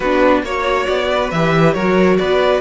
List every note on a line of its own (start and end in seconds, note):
0.00 0.42 B3
0.00 0.45 D4
0.00 0.43 F#4
0.00 0.42 B4
0.42 0.86 A#3
0.42 1.32 F#4
0.42 1.09 C#5
0.42 0.86 C#5
0.86 1.31 B3
0.86 1.29 D5
1.09 1.74 B4
1.31 1.75 E3
1.31 1.77 G4
1.31 1.73 E5
1.73 2.18 F#3
1.73 2.60 F#4
1.73 2.17 A#4
1.73 2.16 C#5
2.17 2.60 B3
2.17 2.60 B4
2.17 2.60 D5